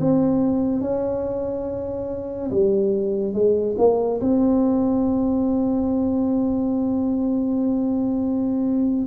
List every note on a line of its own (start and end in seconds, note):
0.00 0.81 C4
0.81 2.50 C#4
2.51 3.34 G3
3.34 3.76 G#3
3.78 4.21 A#3
4.21 9.07 C4